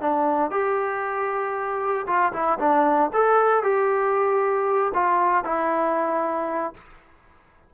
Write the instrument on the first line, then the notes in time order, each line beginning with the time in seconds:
trombone
0.00 D4
0.51 G4
2.06 F4
2.33 E4
2.59 D4
3.13 A4
3.63 G4
4.94 F4
5.44 E4